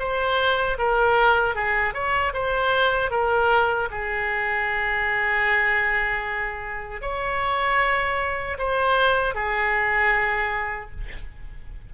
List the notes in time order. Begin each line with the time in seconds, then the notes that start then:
0.00 C5
0.79 A#4
1.55 G#4
1.94 C#5
2.34 C5
3.11 A#4
3.91 G#4
7.02 C#5
8.59 C5
9.35 G#4